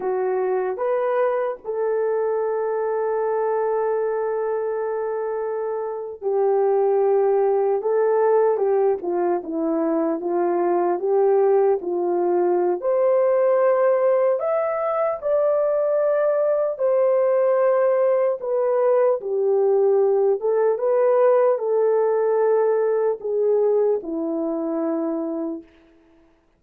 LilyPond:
\new Staff \with { instrumentName = "horn" } { \time 4/4 \tempo 4 = 75 fis'4 b'4 a'2~ | a'2.~ a'8. g'16~ | g'4.~ g'16 a'4 g'8 f'8 e'16~ | e'8. f'4 g'4 f'4~ f'16 |
c''2 e''4 d''4~ | d''4 c''2 b'4 | g'4. a'8 b'4 a'4~ | a'4 gis'4 e'2 | }